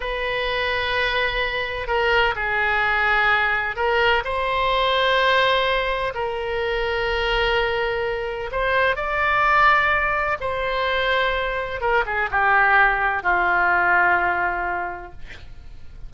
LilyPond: \new Staff \with { instrumentName = "oboe" } { \time 4/4 \tempo 4 = 127 b'1 | ais'4 gis'2. | ais'4 c''2.~ | c''4 ais'2.~ |
ais'2 c''4 d''4~ | d''2 c''2~ | c''4 ais'8 gis'8 g'2 | f'1 | }